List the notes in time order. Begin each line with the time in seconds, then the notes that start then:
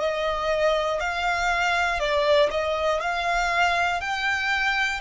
0.00 D#5
1.00 F5
2.00 D5
2.50 D#5
3.01 F5
4.01 G5